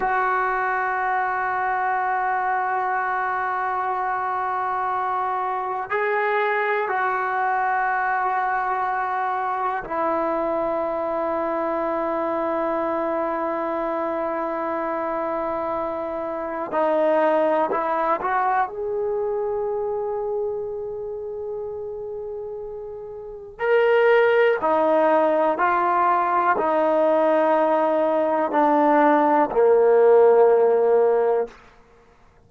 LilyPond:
\new Staff \with { instrumentName = "trombone" } { \time 4/4 \tempo 4 = 61 fis'1~ | fis'2 gis'4 fis'4~ | fis'2 e'2~ | e'1~ |
e'4 dis'4 e'8 fis'8 gis'4~ | gis'1 | ais'4 dis'4 f'4 dis'4~ | dis'4 d'4 ais2 | }